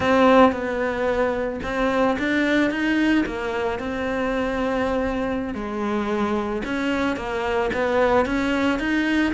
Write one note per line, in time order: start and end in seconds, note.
0.00 0.52 C4
0.52 1.60 B3
1.63 2.17 C4
2.18 2.70 D4
2.70 3.24 D#4
3.26 3.79 A#3
3.79 5.54 C4
5.54 6.62 G#3
6.64 7.16 C#4
7.16 7.70 A#3
7.73 8.25 B3
8.25 8.79 C#4
8.79 9.33 D#4